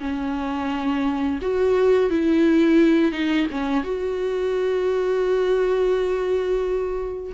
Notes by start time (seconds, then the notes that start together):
0.00 C#4
1.42 F#4
2.11 E4
3.12 D#4
3.52 C#4
3.84 F#4